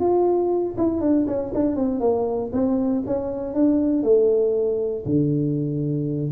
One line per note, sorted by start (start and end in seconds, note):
0.00 0.76 F4
0.78 1.01 E4
1.01 1.26 D4
1.27 1.53 C#4
1.55 1.76 D4
1.76 2.01 C4
2.01 2.51 A#3
2.53 3.03 C4
3.07 3.55 C#4
3.55 4.03 D4
4.03 5.04 A3
5.06 6.32 D3